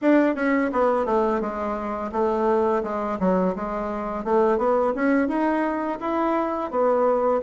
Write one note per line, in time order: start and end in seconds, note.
0.01 0.35 D4
0.35 0.70 C#4
0.72 1.05 B3
1.05 1.40 A3
1.40 2.11 G#3
2.12 2.82 A3
2.83 3.18 G#3
3.19 3.55 F#3
3.55 4.24 G#3
4.24 4.58 A3
4.58 4.93 B3
4.95 5.27 C#4
5.27 5.98 D#4
6.00 6.70 E4
6.70 7.41 B3